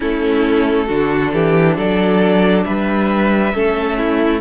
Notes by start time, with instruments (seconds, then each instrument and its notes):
0.00 cello A3, viola C#4, violin E4 A4
0.87 cello D3, viola D4, violin F#4
1.33 cello E3, violin G4
1.76 cello F#3, violin A4 D5
2.63 cello G3, violin B4 E5
3.53 cello A3, viola C#4, violin A4
3.97 violin E4